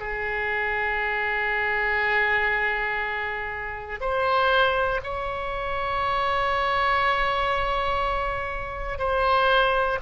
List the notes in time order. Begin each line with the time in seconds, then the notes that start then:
0.00 G#4
4.01 C5
5.04 C#5
8.99 C5